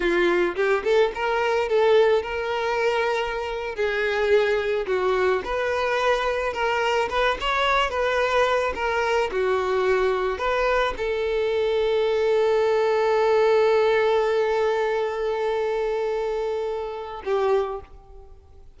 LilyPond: \new Staff \with { instrumentName = "violin" } { \time 4/4 \tempo 4 = 108 f'4 g'8 a'8 ais'4 a'4 | ais'2~ ais'8. gis'4~ gis'16~ | gis'8. fis'4 b'2 ais'16~ | ais'8. b'8 cis''4 b'4. ais'16~ |
ais'8. fis'2 b'4 a'16~ | a'1~ | a'1~ | a'2. g'4 | }